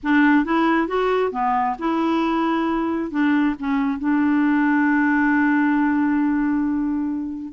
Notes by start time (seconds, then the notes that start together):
0.03 D4
0.44 E4
0.87 F#4
1.31 B3
1.78 E4
3.10 D4
3.59 C#4
3.98 D4